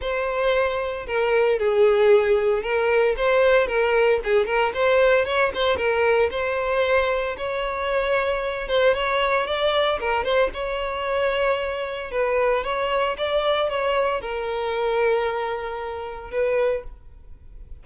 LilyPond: \new Staff \with { instrumentName = "violin" } { \time 4/4 \tempo 4 = 114 c''2 ais'4 gis'4~ | gis'4 ais'4 c''4 ais'4 | gis'8 ais'8 c''4 cis''8 c''8 ais'4 | c''2 cis''2~ |
cis''8 c''8 cis''4 d''4 ais'8 c''8 | cis''2. b'4 | cis''4 d''4 cis''4 ais'4~ | ais'2. b'4 | }